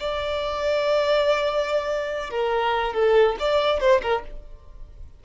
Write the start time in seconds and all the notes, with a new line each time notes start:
0.00 D5
2.30 A#4
2.94 A4
3.40 D5
3.80 C5
4.02 A#4